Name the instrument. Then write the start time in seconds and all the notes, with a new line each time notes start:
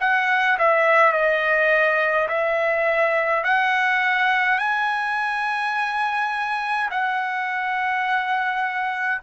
trumpet
0.00 F#5
0.58 E5
1.12 D#5
2.28 E5
3.44 F#5
4.58 G#5
6.90 F#5